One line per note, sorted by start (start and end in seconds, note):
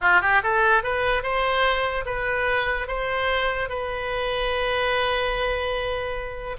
0.01 0.21 F4
0.21 0.41 G4
0.43 0.83 A4
0.83 1.22 B4
1.22 2.05 C5
2.05 2.87 B4
2.87 3.69 C5
3.69 6.57 B4